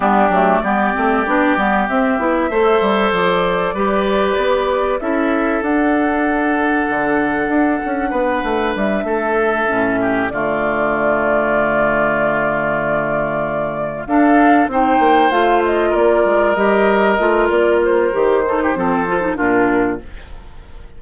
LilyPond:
<<
  \new Staff \with { instrumentName = "flute" } { \time 4/4 \tempo 4 = 96 g'4 d''2 e''4~ | e''4 d''2. | e''4 fis''2.~ | fis''2 e''2~ |
e''8 d''2.~ d''8~ | d''2~ d''8 f''4 g''8~ | g''8 f''8 dis''8 d''4 dis''4. | d''8 c''2~ c''8 ais'4 | }
  \new Staff \with { instrumentName = "oboe" } { \time 4/4 d'4 g'2. | c''2 b'2 | a'1~ | a'4 b'4. a'4. |
g'8 f'2.~ f'8~ | f'2~ f'8 a'4 c''8~ | c''4. ais'2~ ais'8~ | ais'4. a'16 g'16 a'4 f'4 | }
  \new Staff \with { instrumentName = "clarinet" } { \time 4/4 b8 a8 b8 c'8 d'8 b8 c'8 e'8 | a'2 g'2 | e'4 d'2.~ | d'2.~ d'8 cis'8~ |
cis'8 a2.~ a8~ | a2~ a8 d'4 dis'8~ | dis'8 f'2 g'4 f'8~ | f'4 g'8 dis'8 c'8 f'16 dis'16 d'4 | }
  \new Staff \with { instrumentName = "bassoon" } { \time 4/4 g8 fis8 g8 a8 b8 g8 c'8 b8 | a8 g8 f4 g4 b4 | cis'4 d'2 d4 | d'8 cis'8 b8 a8 g8 a4 a,8~ |
a,8 d2.~ d8~ | d2~ d8 d'4 c'8 | ais8 a4 ais8 gis8 g4 a8 | ais4 dis4 f4 ais,4 | }
>>